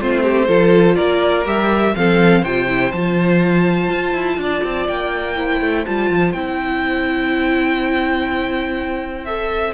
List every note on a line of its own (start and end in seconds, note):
0.00 0.49 A3
0.00 0.48 C4
0.00 0.23 F4
0.00 0.96 C5
0.23 0.46 G4
0.46 0.97 F3
0.46 1.45 F4
0.46 0.95 A4
0.96 1.46 A#3
0.96 1.94 A#4
0.96 1.44 D5
1.45 1.95 G3
1.45 1.94 G4
1.45 1.96 E5
1.96 2.43 F3
1.96 2.45 C4
1.96 2.42 A4
1.96 2.44 F5
2.42 2.92 C3
2.42 2.68 F4
2.42 4.37 C5
2.42 2.92 G5
2.68 2.92 E4
2.92 3.91 F3
2.92 5.36 F4
2.92 4.87 A5
3.91 4.14 F4
4.14 4.38 E4
4.38 4.62 D4
4.38 5.35 D5
4.64 4.88 C4
4.88 5.61 A#3
4.88 5.86 G5
5.35 5.85 E4
5.35 9.74 C5
5.61 5.86 A3
5.86 6.10 G3
5.86 6.35 F4
5.86 6.32 A5
6.10 6.34 F3
6.32 9.74 C4
6.32 9.27 E4
6.32 9.25 G5
9.25 9.74 A4
9.25 9.74 E5